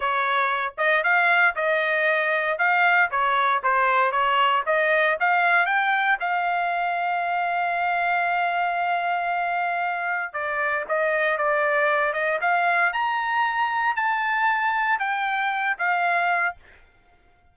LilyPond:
\new Staff \with { instrumentName = "trumpet" } { \time 4/4 \tempo 4 = 116 cis''4. dis''8 f''4 dis''4~ | dis''4 f''4 cis''4 c''4 | cis''4 dis''4 f''4 g''4 | f''1~ |
f''1 | d''4 dis''4 d''4. dis''8 | f''4 ais''2 a''4~ | a''4 g''4. f''4. | }